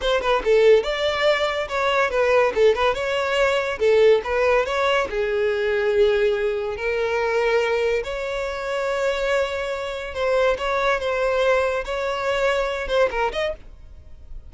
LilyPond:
\new Staff \with { instrumentName = "violin" } { \time 4/4 \tempo 4 = 142 c''8 b'8 a'4 d''2 | cis''4 b'4 a'8 b'8 cis''4~ | cis''4 a'4 b'4 cis''4 | gis'1 |
ais'2. cis''4~ | cis''1 | c''4 cis''4 c''2 | cis''2~ cis''8 c''8 ais'8 dis''8 | }